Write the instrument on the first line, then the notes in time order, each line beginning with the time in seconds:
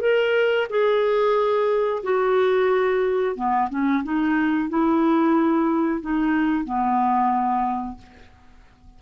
clarinet
0.00 A#4
0.69 G#4
2.03 F#4
3.35 B3
3.70 C#4
4.03 D#4
4.69 E4
6.01 D#4
6.64 B3